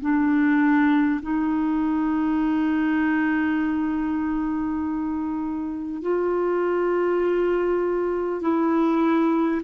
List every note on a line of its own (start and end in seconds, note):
0.00 1.20 D4
1.21 6.01 D#4
6.02 8.41 F4
8.41 9.61 E4